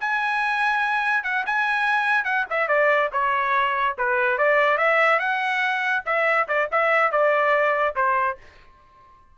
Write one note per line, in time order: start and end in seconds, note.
0.00 1.24 G#5
1.24 1.45 F#5
1.46 2.24 G#5
2.24 2.45 F#5
2.50 2.68 E5
2.68 3.10 D5
3.13 3.97 C#5
3.98 4.38 B4
4.38 4.78 D5
4.78 5.20 E5
5.20 6.03 F#5
6.06 6.48 E5
6.48 6.69 D5
6.72 7.12 E5
7.12 7.95 D5
7.96 8.38 C5